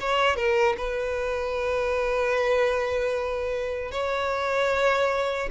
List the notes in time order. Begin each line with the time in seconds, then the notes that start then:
0.00 C#5
0.36 A#4
0.78 B4
3.91 C#5